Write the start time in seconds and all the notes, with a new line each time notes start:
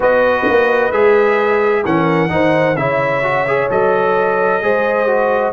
0.00 B3 F#4 B4 D#5
0.48 A#3
0.91 G#3 G#4 E5
1.84 E3 C#4 A#4 F#5
2.29 D#3 D#4 C5
2.76 C#3 E4 C#5 E5
3.23 F#4
3.47 G#4
3.70 F#3 A4 D#5
4.62 G#3 G#4 C5
5.07 F#4